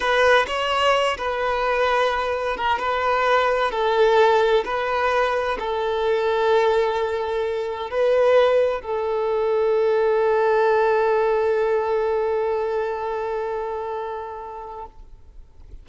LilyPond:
\new Staff \with { instrumentName = "violin" } { \time 4/4 \tempo 4 = 129 b'4 cis''4. b'4.~ | b'4. ais'8 b'2 | a'2 b'2 | a'1~ |
a'4 b'2 a'4~ | a'1~ | a'1~ | a'1 | }